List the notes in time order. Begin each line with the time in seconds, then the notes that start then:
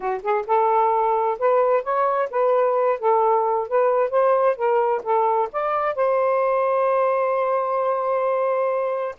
0.00 F#4
0.22 G#4
0.46 A4
1.38 B4
1.83 C#5
2.30 B4
2.99 A4
3.68 B4
4.10 C5
4.56 A#4
5.03 A4
5.52 D5
5.95 C5